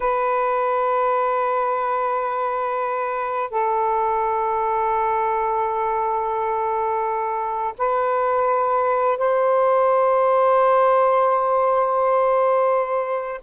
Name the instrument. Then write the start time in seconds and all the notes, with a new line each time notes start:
saxophone
0.00 B4
3.50 A4
7.78 B4
9.17 C5